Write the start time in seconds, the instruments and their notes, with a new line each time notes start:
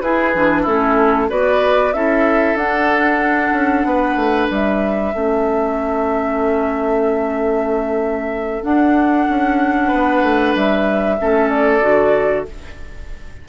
0.00 bassoon E4, clarinet E4, oboe G#4, flute B4
0.34 bassoon E3, clarinet D4
0.62 bassoon A3, clarinet C#4, oboe E4, flute A4
1.29 bassoon B3, clarinet F#4, oboe B4, flute D5
1.93 bassoon C#4, clarinet E4, oboe A4, flute E5
2.55 bassoon D4, clarinet D4, flute F#5
3.52 bassoon C#4
3.84 bassoon B3, oboe B4
4.15 bassoon A3
4.50 bassoon G3, flute E5
5.13 bassoon A3, clarinet C#4, oboe A4
8.62 clarinet D4, bassoon D4, flute F#5
9.29 bassoon C#4
9.87 bassoon B3, oboe B4
10.22 bassoon A3
10.55 bassoon G3, flute E5
11.18 bassoon A3, clarinet C#4, oboe A4
11.49 flute D5
11.81 bassoon D3, clarinet F#4